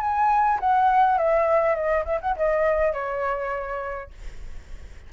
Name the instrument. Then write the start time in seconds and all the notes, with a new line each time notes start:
flute
0.00 G#5
0.59 F#5
1.17 E5
1.75 D#5
2.05 E5
2.21 F#5
2.36 D#5
2.93 C#5